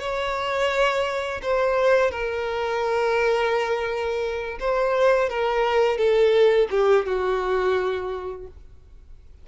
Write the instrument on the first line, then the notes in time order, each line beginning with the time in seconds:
violin
0.00 C#5
1.42 C5
2.11 A#4
4.60 C5
5.29 A#4
5.98 A4
6.71 G4
7.06 F#4